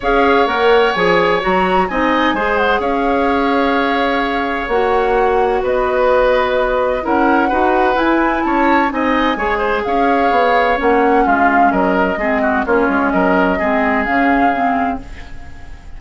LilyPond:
<<
  \new Staff \with { instrumentName = "flute" } { \time 4/4 \tempo 4 = 128 f''4 fis''4 gis''4 ais''4 | gis''4. fis''8 f''2~ | f''2 fis''2 | dis''2. fis''4~ |
fis''4 gis''4 a''4 gis''4~ | gis''4 f''2 fis''4 | f''4 dis''2 cis''4 | dis''2 f''2 | }
  \new Staff \with { instrumentName = "oboe" } { \time 4/4 cis''1 | dis''4 c''4 cis''2~ | cis''1 | b'2. ais'4 |
b'2 cis''4 dis''4 | cis''8 c''8 cis''2. | f'4 ais'4 gis'8 fis'8 f'4 | ais'4 gis'2. | }
  \new Staff \with { instrumentName = "clarinet" } { \time 4/4 gis'4 ais'4 gis'4 fis'4 | dis'4 gis'2.~ | gis'2 fis'2~ | fis'2. e'4 |
fis'4 e'2 dis'4 | gis'2. cis'4~ | cis'2 c'4 cis'4~ | cis'4 c'4 cis'4 c'4 | }
  \new Staff \with { instrumentName = "bassoon" } { \time 4/4 cis'4 ais4 f4 fis4 | c'4 gis4 cis'2~ | cis'2 ais2 | b2. cis'4 |
dis'4 e'4 cis'4 c'4 | gis4 cis'4 b4 ais4 | gis4 fis4 gis4 ais8 gis8 | fis4 gis4 cis2 | }
>>